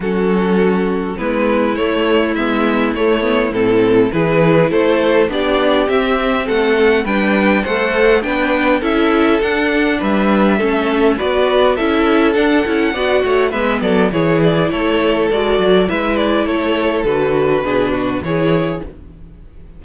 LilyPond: <<
  \new Staff \with { instrumentName = "violin" } { \time 4/4 \tempo 4 = 102 a'2 b'4 cis''4 | e''4 cis''4 a'4 b'4 | c''4 d''4 e''4 fis''4 | g''4 fis''4 g''4 e''4 |
fis''4 e''2 d''4 | e''4 fis''2 e''8 d''8 | cis''8 d''8 cis''4 d''4 e''8 d''8 | cis''4 b'2 cis''4 | }
  \new Staff \with { instrumentName = "violin" } { \time 4/4 fis'2 e'2~ | e'2. gis'4 | a'4 g'2 a'4 | b'4 c''4 b'4 a'4~ |
a'4 b'4 a'4 b'4 | a'2 d''8 cis''8 b'8 a'8 | gis'4 a'2 b'4 | a'2 gis'8 fis'8 gis'4 | }
  \new Staff \with { instrumentName = "viola" } { \time 4/4 cis'2 b4 a4 | b4 a8 b8 c'4 e'4~ | e'4 d'4 c'2 | d'4 a'4 d'4 e'4 |
d'2 cis'4 fis'4 | e'4 d'8 e'8 fis'4 b4 | e'2 fis'4 e'4~ | e'4 fis'4 d'4 e'4 | }
  \new Staff \with { instrumentName = "cello" } { \time 4/4 fis2 gis4 a4 | gis4 a4 a,4 e4 | a4 b4 c'4 a4 | g4 a4 b4 cis'4 |
d'4 g4 a4 b4 | cis'4 d'8 cis'8 b8 a8 gis8 fis8 | e4 a4 gis8 fis8 gis4 | a4 d4 b,4 e4 | }
>>